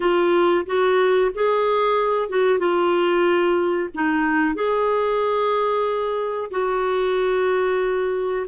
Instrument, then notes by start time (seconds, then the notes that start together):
clarinet
0.00 F4
0.66 F#4
1.34 G#4
2.29 F#4
2.58 F4
3.94 D#4
4.54 G#4
6.50 F#4